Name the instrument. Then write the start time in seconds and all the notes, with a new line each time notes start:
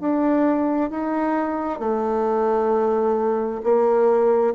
bassoon
0.00 D4
0.90 D#4
1.80 A3
3.64 A#3